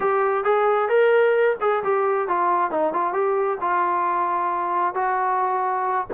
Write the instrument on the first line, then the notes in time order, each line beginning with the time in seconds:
trombone
0.00 G4
0.43 G#4
0.88 A#4
1.60 G#4
1.83 G4
2.28 F4
2.70 D#4
2.93 F4
3.13 G4
3.60 F4
4.94 F#4